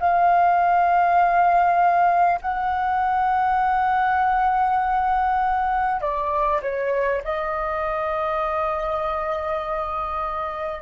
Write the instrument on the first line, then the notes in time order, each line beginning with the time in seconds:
flute
0.00 F5
2.42 F#5
6.01 D5
6.62 C#5
7.24 D#5